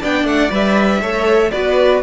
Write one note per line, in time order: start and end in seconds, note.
0.00 0.24 B3
0.00 0.50 D4
0.00 1.00 D5
0.00 0.26 G5
0.24 0.49 A3
0.24 0.51 F#5
0.50 1.01 G3
0.50 1.00 B4
0.50 1.50 E5
1.01 1.51 A3
1.01 1.52 A4
1.01 1.51 C#5
1.50 2.02 B3
1.50 2.02 F#4
1.50 2.02 B4
1.50 2.00 D5